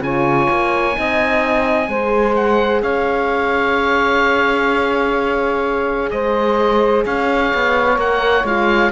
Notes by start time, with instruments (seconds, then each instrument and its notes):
0.00 cello C#3, horn F4, saxophone C#5, oboe G#5
0.50 cello A#3
0.92 cello C4, horn D#4, saxophone D#5
1.88 cello G#3, horn G#4, saxophone C5
2.35 oboe F#5
2.82 cello C#4, saxophone C#5, oboe F5
6.10 cello G#3, saxophone C5, oboe D#5
7.04 cello C#4, saxophone C#5, oboe F5
7.54 cello B3
7.96 cello A#3, horn A#4, oboe F#5
8.44 cello G#3, horn F4, oboe F5